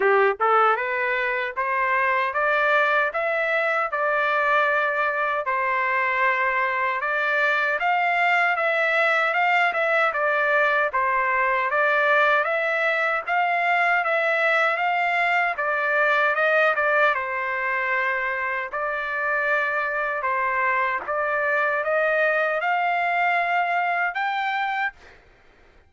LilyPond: \new Staff \with { instrumentName = "trumpet" } { \time 4/4 \tempo 4 = 77 g'8 a'8 b'4 c''4 d''4 | e''4 d''2 c''4~ | c''4 d''4 f''4 e''4 | f''8 e''8 d''4 c''4 d''4 |
e''4 f''4 e''4 f''4 | d''4 dis''8 d''8 c''2 | d''2 c''4 d''4 | dis''4 f''2 g''4 | }